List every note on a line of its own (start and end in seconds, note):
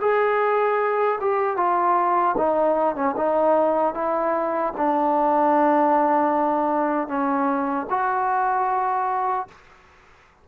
0.00 1.18 G#4
1.21 1.56 G4
1.56 2.35 F4
2.37 2.95 D#4
2.95 3.15 C#4
3.16 3.94 D#4
3.94 4.73 E4
4.77 7.07 D4
7.07 7.86 C#4
7.89 9.47 F#4